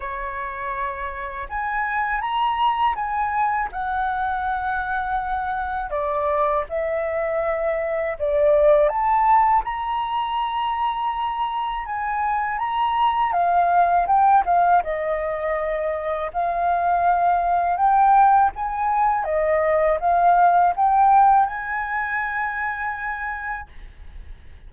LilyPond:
\new Staff \with { instrumentName = "flute" } { \time 4/4 \tempo 4 = 81 cis''2 gis''4 ais''4 | gis''4 fis''2. | d''4 e''2 d''4 | a''4 ais''2. |
gis''4 ais''4 f''4 g''8 f''8 | dis''2 f''2 | g''4 gis''4 dis''4 f''4 | g''4 gis''2. | }